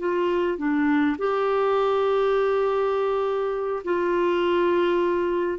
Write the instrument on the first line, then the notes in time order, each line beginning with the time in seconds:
clarinet
0.00 F4
0.58 D4
1.19 G4
3.84 F4